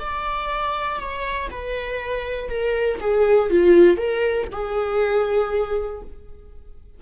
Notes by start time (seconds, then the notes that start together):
0.00 D5
1.00 C#5
1.51 B4
2.50 A#4
3.01 G#4
3.50 F4
3.98 A#4
4.52 G#4